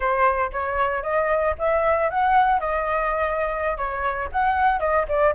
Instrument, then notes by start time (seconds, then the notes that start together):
flute
0.00 C5
0.52 C#5
1.02 D#5
1.58 E5
2.09 F#5
2.59 D#5
3.77 C#5
4.32 F#5
4.79 D#5
5.08 D5